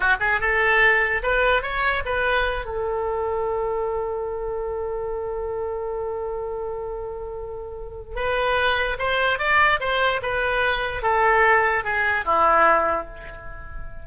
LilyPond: \new Staff \with { instrumentName = "oboe" } { \time 4/4 \tempo 4 = 147 fis'8 gis'8 a'2 b'4 | cis''4 b'4. a'4.~ | a'1~ | a'1~ |
a'1 | b'2 c''4 d''4 | c''4 b'2 a'4~ | a'4 gis'4 e'2 | }